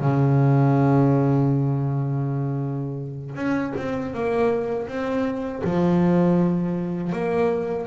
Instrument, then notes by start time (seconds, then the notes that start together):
double bass
0.00 C#3
3.35 C#4
3.77 C4
4.14 A#3
4.87 C4
5.64 F3
7.12 A#3